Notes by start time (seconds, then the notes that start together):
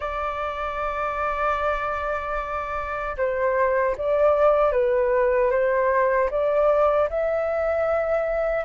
0.00 D5
3.17 C5
3.97 D5
4.72 B4
5.50 C5
6.30 D5
7.09 E5